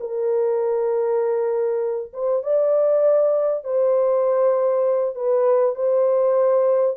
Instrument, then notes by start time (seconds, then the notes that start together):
horn
0.00 A#4
2.13 C5
2.43 D5
3.64 C5
5.15 B4
5.75 C5